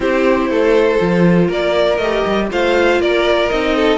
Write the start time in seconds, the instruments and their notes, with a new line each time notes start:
0.00 cello C4, viola E4, violin G4 C5
0.49 cello A3, violin A4
0.99 cello F3, viola F4
1.47 cello A#3, violin A#4 D5
1.97 cello A3, viola G4, violin D#5
2.26 cello G3
2.50 cello A3, viola F4, violin C5 F5
2.99 cello A#3, violin A#4 D5
3.49 cello C4, viola D#4, violin D#5
3.75 violin A4